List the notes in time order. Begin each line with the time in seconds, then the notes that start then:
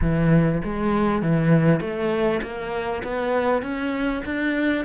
0.01 E3
0.64 G#3
1.21 E3
1.80 A3
2.42 A#3
3.03 B3
3.62 C#4
4.25 D4